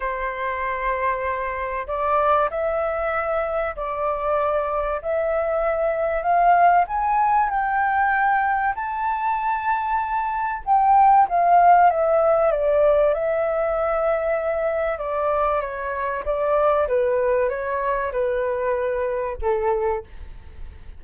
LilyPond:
\new Staff \with { instrumentName = "flute" } { \time 4/4 \tempo 4 = 96 c''2. d''4 | e''2 d''2 | e''2 f''4 gis''4 | g''2 a''2~ |
a''4 g''4 f''4 e''4 | d''4 e''2. | d''4 cis''4 d''4 b'4 | cis''4 b'2 a'4 | }